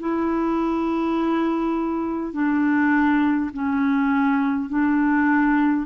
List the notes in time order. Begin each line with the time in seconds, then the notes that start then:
0.00 E4
2.33 D4
3.53 C#4
4.70 D4